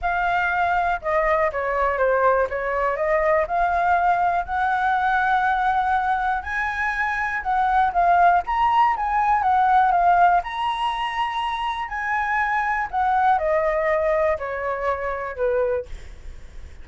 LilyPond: \new Staff \with { instrumentName = "flute" } { \time 4/4 \tempo 4 = 121 f''2 dis''4 cis''4 | c''4 cis''4 dis''4 f''4~ | f''4 fis''2.~ | fis''4 gis''2 fis''4 |
f''4 ais''4 gis''4 fis''4 | f''4 ais''2. | gis''2 fis''4 dis''4~ | dis''4 cis''2 b'4 | }